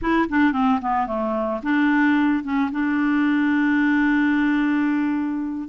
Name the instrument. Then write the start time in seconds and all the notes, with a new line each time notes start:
clarinet
0.01 E4
0.29 D4
0.52 C4
0.81 B3
1.06 A3
1.62 D4
2.43 C#4
2.71 D4